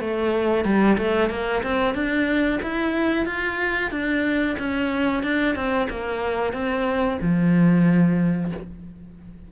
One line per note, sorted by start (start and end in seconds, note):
0.00 0.65 A3
0.65 0.97 G3
0.98 1.30 A3
1.30 1.62 A#3
1.63 1.94 C4
1.94 2.60 D4
2.63 3.25 E4
3.25 3.91 F4
3.91 4.56 D4
4.58 5.23 C#4
5.23 5.55 D4
5.55 5.88 C4
5.89 6.53 A#3
6.53 7.18 C4
7.21 8.51 F3